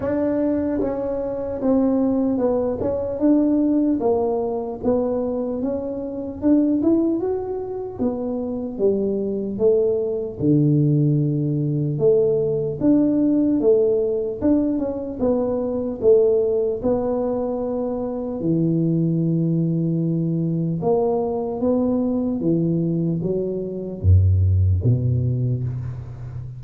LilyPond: \new Staff \with { instrumentName = "tuba" } { \time 4/4 \tempo 4 = 75 d'4 cis'4 c'4 b8 cis'8 | d'4 ais4 b4 cis'4 | d'8 e'8 fis'4 b4 g4 | a4 d2 a4 |
d'4 a4 d'8 cis'8 b4 | a4 b2 e4~ | e2 ais4 b4 | e4 fis4 fis,4 b,4 | }